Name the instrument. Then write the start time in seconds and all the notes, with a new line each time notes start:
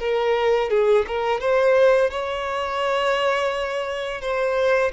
violin
0.00 A#4
0.70 G#4
1.07 A#4
1.41 C5
2.10 C#5
4.21 C5